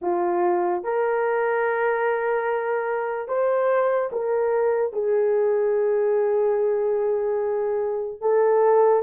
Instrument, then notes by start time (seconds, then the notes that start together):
horn
0.01 F4
0.83 A#4
3.28 C5
4.12 A#4
4.92 G#4
8.20 A4